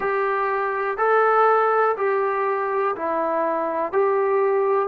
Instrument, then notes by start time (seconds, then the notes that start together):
trombone
0.00 G4
0.97 A4
1.97 G4
2.96 E4
3.92 G4